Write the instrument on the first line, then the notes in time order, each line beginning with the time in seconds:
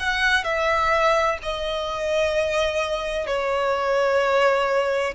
violin
0.00 F#5
0.44 E5
1.43 D#5
3.27 C#5